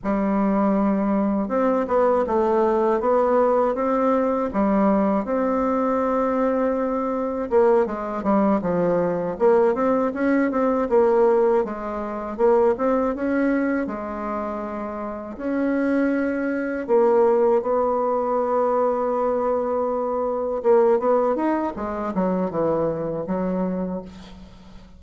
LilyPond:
\new Staff \with { instrumentName = "bassoon" } { \time 4/4 \tempo 4 = 80 g2 c'8 b8 a4 | b4 c'4 g4 c'4~ | c'2 ais8 gis8 g8 f8~ | f8 ais8 c'8 cis'8 c'8 ais4 gis8~ |
gis8 ais8 c'8 cis'4 gis4.~ | gis8 cis'2 ais4 b8~ | b2.~ b8 ais8 | b8 dis'8 gis8 fis8 e4 fis4 | }